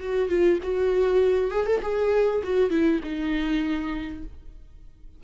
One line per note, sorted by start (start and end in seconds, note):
0.00 0.29 F#4
0.29 0.59 F4
0.63 1.51 F#4
1.51 1.66 G#4
1.66 1.81 A4
1.82 2.42 G#4
2.44 2.71 F#4
2.71 3.01 E4
3.04 4.24 D#4